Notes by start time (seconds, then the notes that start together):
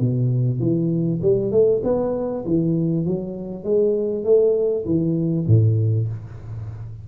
0.00 B2
0.60 E3
1.22 G3
1.52 A3
1.84 B3
2.46 E3
3.06 F#3
3.64 G#3
4.25 A3
4.86 E3
5.48 A2